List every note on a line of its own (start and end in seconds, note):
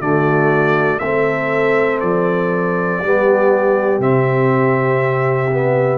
0.00 1.00 D3
0.00 1.01 A3
0.00 1.00 F#4
0.00 0.99 D5
0.99 2.01 A3
0.99 3.03 C4
0.99 3.02 A4
0.99 1.99 E5
2.00 3.01 F3
2.00 4.00 D5
3.02 3.99 G3
3.02 4.00 B3
3.02 5.98 G4
3.99 5.98 C3
3.99 5.50 C4
3.99 5.98 E5
5.52 5.98 B3